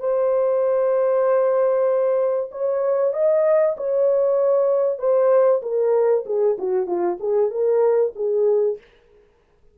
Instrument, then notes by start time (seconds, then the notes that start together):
horn
0.00 C5
2.51 C#5
3.14 D#5
3.77 C#5
4.99 C5
5.62 A#4
6.26 G#4
6.59 F#4
6.87 F4
7.20 G#4
7.51 A#4
8.15 G#4